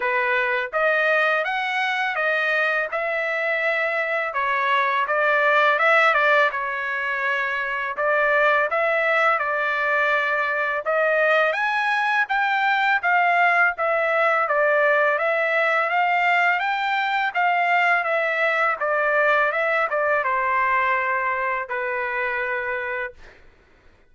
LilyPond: \new Staff \with { instrumentName = "trumpet" } { \time 4/4 \tempo 4 = 83 b'4 dis''4 fis''4 dis''4 | e''2 cis''4 d''4 | e''8 d''8 cis''2 d''4 | e''4 d''2 dis''4 |
gis''4 g''4 f''4 e''4 | d''4 e''4 f''4 g''4 | f''4 e''4 d''4 e''8 d''8 | c''2 b'2 | }